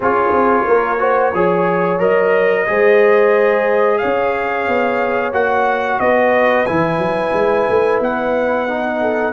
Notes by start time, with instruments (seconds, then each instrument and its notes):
0.00 tuba C#4, trombone F4, horn G#4, trumpet C#5
0.31 tuba C4
0.67 tuba A#3, horn A#4
0.98 trombone F#4, horn C5
1.33 tuba F3, trombone G#4, horn C#5
1.99 tuba F#3, trombone A#4, trumpet D#5
2.66 tuba G#3, trombone G#4, horn C5
3.98 horn C#5, trumpet F5
4.04 tuba C#4
4.68 tuba B3
5.32 tuba A#3, trombone F#4, trumpet F#5
5.99 tuba B3, horn B4, trumpet D#5
6.66 tuba E3, trombone E4, trumpet G#5
6.97 tuba F#3
7.33 tuba G#3
7.69 tuba A3
8.00 tuba B3, trumpet F#5
8.67 trombone D#4
9.01 horn A4